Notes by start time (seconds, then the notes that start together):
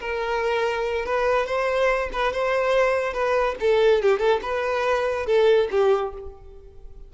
0.00 A#4
1.05 B4
1.46 C5
2.12 B4
2.32 C5
3.13 B4
3.60 A4
4.02 G4
4.19 A4
4.42 B4
5.26 A4
5.71 G4